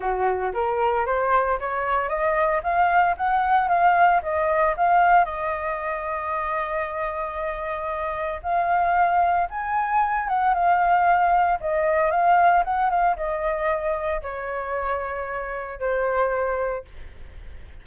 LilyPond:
\new Staff \with { instrumentName = "flute" } { \time 4/4 \tempo 4 = 114 fis'4 ais'4 c''4 cis''4 | dis''4 f''4 fis''4 f''4 | dis''4 f''4 dis''2~ | dis''1 |
f''2 gis''4. fis''8 | f''2 dis''4 f''4 | fis''8 f''8 dis''2 cis''4~ | cis''2 c''2 | }